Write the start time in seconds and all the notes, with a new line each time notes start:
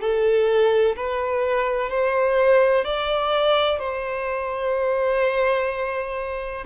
0.00 A4
0.96 B4
1.89 C5
2.84 D5
3.78 C5